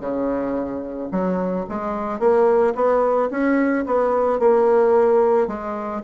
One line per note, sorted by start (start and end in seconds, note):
0.00 1.09 C#3
1.11 1.66 F#3
1.69 2.19 G#3
2.19 2.74 A#3
2.75 3.29 B3
3.30 3.85 C#4
3.86 4.39 B3
4.39 5.47 A#3
5.47 6.01 G#3